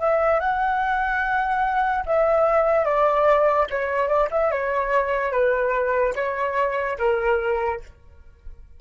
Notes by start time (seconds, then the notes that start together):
0.00 E5
0.40 F#5
2.07 E5
2.85 D5
3.71 C#5
4.09 D5
4.32 E5
4.52 C#5
5.32 B4
6.16 C#5
6.99 A#4